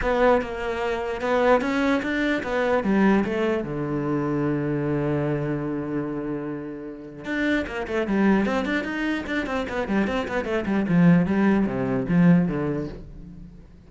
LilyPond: \new Staff \with { instrumentName = "cello" } { \time 4/4 \tempo 4 = 149 b4 ais2 b4 | cis'4 d'4 b4 g4 | a4 d2.~ | d1~ |
d2 d'4 ais8 a8 | g4 c'8 d'8 dis'4 d'8 c'8 | b8 g8 c'8 b8 a8 g8 f4 | g4 c4 f4 d4 | }